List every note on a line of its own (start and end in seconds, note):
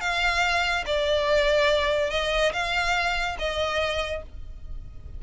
0.00 0.84 F5
0.85 2.10 D5
2.10 2.52 D#5
2.52 3.36 F5
3.38 4.22 D#5